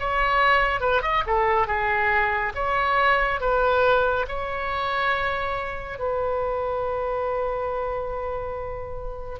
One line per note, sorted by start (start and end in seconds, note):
0.00 0.81 C#5
0.81 1.02 B4
1.02 1.24 D#5
1.27 1.68 A4
1.68 2.53 G#4
2.55 3.41 C#5
3.41 4.26 B4
4.28 5.99 C#5
5.99 9.40 B4